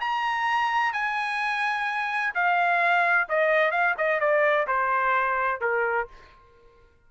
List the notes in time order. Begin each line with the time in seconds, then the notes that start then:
0.00 A#5
0.92 G#5
2.34 F5
3.28 D#5
3.71 F5
3.97 D#5
4.20 D5
4.67 C5
5.60 A#4